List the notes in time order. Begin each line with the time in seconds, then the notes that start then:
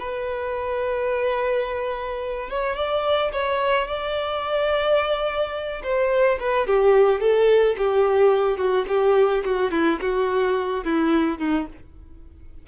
0.00 B4
2.50 C#5
2.76 D5
3.33 C#5
3.88 D5
5.83 C5
6.40 B4
6.67 G4
7.21 A4
7.78 G4
8.58 F#4
8.88 G4
9.45 F#4
9.72 E4
10.01 F#4
10.85 E4
11.39 D#4